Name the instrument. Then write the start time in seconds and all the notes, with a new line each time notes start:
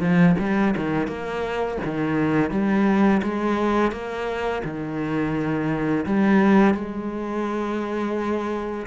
cello
0.00 F3
0.39 G3
0.76 D#3
1.07 A#3
1.84 D#3
2.51 G3
3.22 G#3
3.91 A#3
4.64 D#3
6.05 G3
6.74 G#3